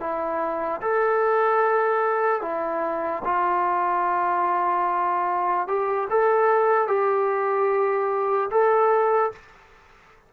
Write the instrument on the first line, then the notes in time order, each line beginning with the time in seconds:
trombone
0.00 E4
0.81 A4
2.42 E4
3.24 F4
5.68 G4
6.10 A4
6.88 G4
8.51 A4